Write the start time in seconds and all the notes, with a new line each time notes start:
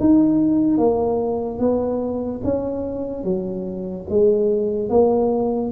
0.00 D#4
0.78 A#3
1.59 B3
2.44 C#4
3.24 F#3
4.10 G#3
4.89 A#3